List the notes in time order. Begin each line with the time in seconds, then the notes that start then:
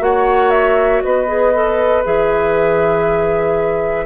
0.00 A#3 F#4 C#5 F#5
0.51 E5
1.03 B3 B4 D#5
1.28 G#4
1.54 A4
2.05 E3 G#4 E5